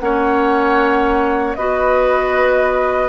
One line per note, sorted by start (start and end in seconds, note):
0.00 1.57 A#3
0.00 1.56 C#4
0.00 1.58 C#5
0.00 1.56 F#5
1.56 3.10 B3
1.56 3.10 F#4
1.56 3.10 B4
1.56 3.10 D#5